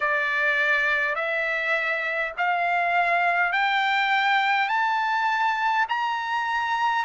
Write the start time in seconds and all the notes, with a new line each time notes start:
0.00 D5
1.15 E5
2.37 F5
3.52 G5
4.68 A5
5.88 A#5